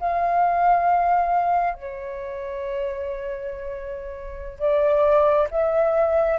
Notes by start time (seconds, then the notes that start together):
0.00 F5
1.74 C#5
4.59 D5
5.51 E5